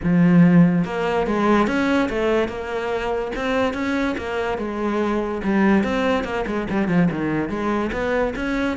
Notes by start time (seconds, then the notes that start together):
0.03 F3
0.84 A#3
1.26 G#3
1.67 C#4
2.09 A3
2.48 A#3
3.35 C4
3.73 C#4
4.17 A#3
4.57 G#3
5.43 G3
5.83 C4
6.23 A#3
6.46 G#3
6.70 G3
6.88 F3
7.11 D#3
7.49 G#3
7.92 B3
8.35 C#4